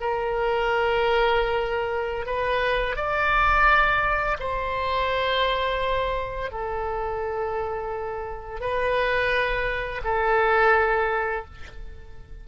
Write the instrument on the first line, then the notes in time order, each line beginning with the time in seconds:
oboe
0.00 A#4
2.26 B4
2.96 D5
4.40 C5
6.51 A4
8.61 B4
10.04 A4